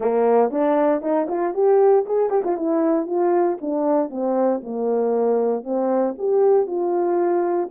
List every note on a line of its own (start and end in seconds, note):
0.00 0.50 A#3
0.50 1.01 D4
1.01 1.27 D#4
1.28 1.53 F4
1.53 2.05 G4
2.06 2.29 G#4
2.29 2.42 G4
2.44 2.56 F4
2.56 3.06 E4
3.06 3.58 F4
3.61 4.10 D4
4.10 4.61 C4
4.62 5.63 A#3
5.63 6.14 C4
6.17 6.66 G4
6.66 7.69 F4